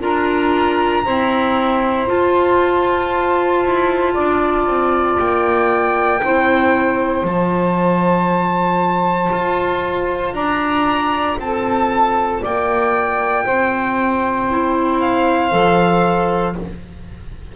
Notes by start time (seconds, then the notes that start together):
0.00 D4 F4 A#4 A#5
1.05 C4 E4 C5
2.06 F4 A5
3.64 E4
4.14 D4 D5
4.66 C4
5.19 A#3 G5
6.23 C4 E4 C5
7.23 F3 F4 A5
9.32 F4
10.34 D4 D5 A#5
11.37 C4 A5
11.44 A4
12.42 A#3 D5 G5
13.45 C4 C5
14.50 E4
15.00 F5
15.51 F3 A4